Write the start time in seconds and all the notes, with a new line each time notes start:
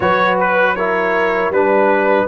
0.00 F#3 F#4 B4 C#5
0.40 B4
0.75 E4 A#4 C#5
1.48 G3 D4 B4